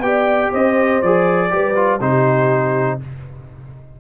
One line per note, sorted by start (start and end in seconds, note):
0.00 0.50 B3
0.00 1.02 G4
0.00 0.51 D5
0.00 0.52 G5
0.51 1.02 C4
0.51 1.50 C5
0.51 1.02 D#5
1.02 1.52 F3
1.02 1.50 G#4
1.02 2.00 D5
1.50 2.00 G3
1.50 1.74 G4
1.50 2.00 B4
1.75 2.00 F4
2.00 2.99 C3
2.00 3.00 D#4
2.00 3.00 G4
2.00 3.00 C5